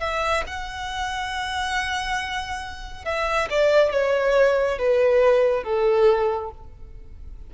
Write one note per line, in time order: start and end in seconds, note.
0.00 0.43 E5
0.47 3.05 F#5
3.05 3.49 E5
3.50 3.92 D5
3.92 4.79 C#5
4.79 5.64 B4
5.64 6.51 A4